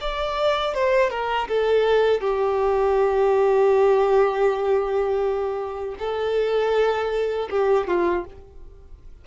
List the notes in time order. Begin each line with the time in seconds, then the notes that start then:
0.00 D5
0.74 C5
1.10 A#4
1.48 A4
2.20 G4
5.98 A4
7.50 G4
7.87 F4